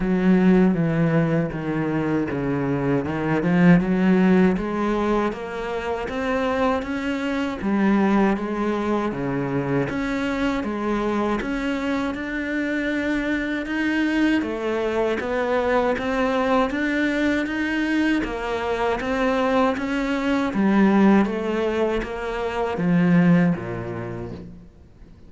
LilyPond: \new Staff \with { instrumentName = "cello" } { \time 4/4 \tempo 4 = 79 fis4 e4 dis4 cis4 | dis8 f8 fis4 gis4 ais4 | c'4 cis'4 g4 gis4 | cis4 cis'4 gis4 cis'4 |
d'2 dis'4 a4 | b4 c'4 d'4 dis'4 | ais4 c'4 cis'4 g4 | a4 ais4 f4 ais,4 | }